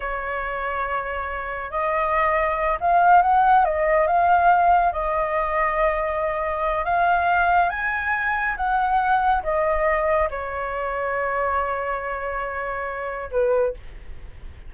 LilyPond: \new Staff \with { instrumentName = "flute" } { \time 4/4 \tempo 4 = 140 cis''1 | dis''2~ dis''8 f''4 fis''8~ | fis''8 dis''4 f''2 dis''8~ | dis''1 |
f''2 gis''2 | fis''2 dis''2 | cis''1~ | cis''2. b'4 | }